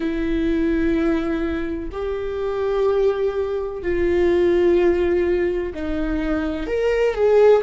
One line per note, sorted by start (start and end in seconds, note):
0.00 1.89 E4
1.91 3.82 G4
3.82 5.73 F4
5.74 6.66 D#4
6.66 7.14 A#4
7.14 7.62 G#4